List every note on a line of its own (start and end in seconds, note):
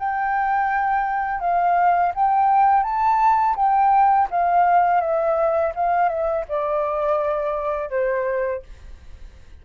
0.00 1.41 G5
1.41 2.13 F5
2.15 2.84 G5
2.84 3.56 A5
3.57 4.29 G5
4.31 5.01 F5
5.01 5.73 E5
5.76 6.09 F5
6.09 6.45 E5
6.49 7.91 D5
7.91 8.63 C5